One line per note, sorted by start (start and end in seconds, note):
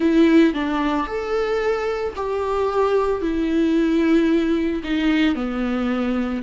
0.00 0.53 E4
0.53 1.06 D4
1.06 2.14 A4
2.16 3.21 G4
3.21 4.82 E4
4.83 5.35 D#4
5.35 6.42 B3